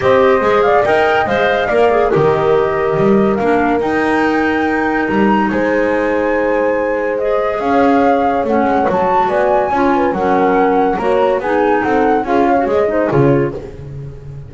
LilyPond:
<<
  \new Staff \with { instrumentName = "flute" } { \time 4/4 \tempo 4 = 142 dis''4. f''8 g''4 f''4~ | f''4 dis''2. | f''4 g''2. | ais''4 gis''2.~ |
gis''4 dis''4 f''2 | fis''4 a''4 gis''2 | fis''2 ais''4 gis''4 | fis''4 f''4 dis''4 cis''4 | }
  \new Staff \with { instrumentName = "horn" } { \time 4/4 c''4. d''8 dis''2 | d''4 ais'2.~ | ais'1~ | ais'4 c''2.~ |
c''2 cis''2~ | cis''2 d''4 cis''8 b'8 | ais'2 cis''4 gis'4 | a'4 gis'8 cis''4 c''8 gis'4 | }
  \new Staff \with { instrumentName = "clarinet" } { \time 4/4 g'4 gis'4 ais'4 c''4 | ais'8 gis'8 g'2. | d'4 dis'2.~ | dis'1~ |
dis'4 gis'2. | cis'4 fis'2 f'4 | cis'2 fis'4 dis'4~ | dis'4 f'8. fis'16 gis'8 dis'8 f'4 | }
  \new Staff \with { instrumentName = "double bass" } { \time 4/4 c'4 gis4 dis'4 gis4 | ais4 dis2 g4 | ais4 dis'2. | g4 gis2.~ |
gis2 cis'2 | a8 gis8 fis4 b4 cis'4 | fis2 ais4 b4 | c'4 cis'4 gis4 cis4 | }
>>